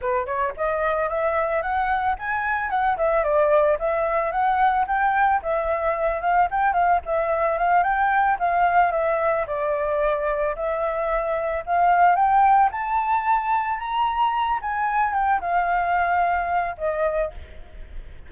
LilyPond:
\new Staff \with { instrumentName = "flute" } { \time 4/4 \tempo 4 = 111 b'8 cis''8 dis''4 e''4 fis''4 | gis''4 fis''8 e''8 d''4 e''4 | fis''4 g''4 e''4. f''8 | g''8 f''8 e''4 f''8 g''4 f''8~ |
f''8 e''4 d''2 e''8~ | e''4. f''4 g''4 a''8~ | a''4. ais''4. gis''4 | g''8 f''2~ f''8 dis''4 | }